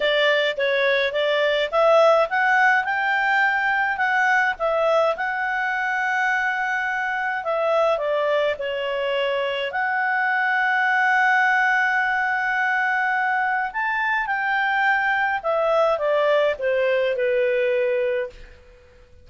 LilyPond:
\new Staff \with { instrumentName = "clarinet" } { \time 4/4 \tempo 4 = 105 d''4 cis''4 d''4 e''4 | fis''4 g''2 fis''4 | e''4 fis''2.~ | fis''4 e''4 d''4 cis''4~ |
cis''4 fis''2.~ | fis''1 | a''4 g''2 e''4 | d''4 c''4 b'2 | }